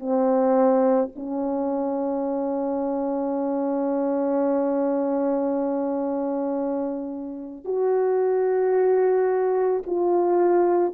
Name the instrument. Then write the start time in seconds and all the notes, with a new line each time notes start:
horn
0.00 C4
1.16 C#4
7.65 F#4
9.87 F4